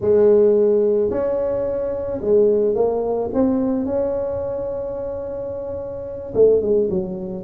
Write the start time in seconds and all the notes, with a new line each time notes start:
0.01 G#3
1.10 C#4
2.21 G#3
2.74 A#3
3.33 C4
3.85 C#4
6.34 A3
6.61 G#3
6.90 F#3